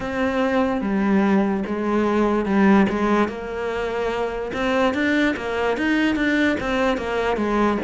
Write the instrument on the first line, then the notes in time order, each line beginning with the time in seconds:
cello
0.00 C4
0.81 G3
1.66 G#3
2.45 G3
2.89 G#3
3.28 A#3
4.53 C4
4.94 D4
5.36 A#3
5.77 D#4
6.15 D4
6.59 C4
6.97 A#3
7.36 G#3